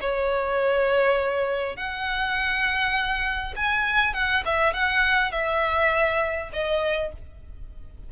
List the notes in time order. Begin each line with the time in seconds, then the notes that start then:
0.00 C#5
1.76 F#5
3.55 G#5
4.13 F#5
4.45 E5
4.73 F#5
5.31 E5
6.52 D#5